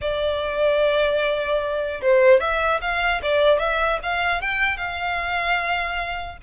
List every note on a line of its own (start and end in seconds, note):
0.01 2.01 D5
2.01 2.40 C5
2.40 2.80 E5
2.81 3.21 F5
3.22 3.59 D5
3.59 3.99 E5
4.02 4.41 F5
4.41 4.77 G5
4.77 6.37 F5